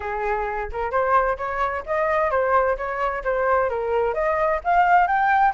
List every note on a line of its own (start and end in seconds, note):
0.00 0.69 G#4
0.72 0.91 A#4
0.91 1.37 C5
1.37 1.83 C#5
1.86 2.30 D#5
2.30 2.77 C5
2.77 3.23 C#5
3.24 3.69 C5
3.69 4.14 A#4
4.14 4.60 D#5
4.64 5.07 F5
5.07 5.53 G5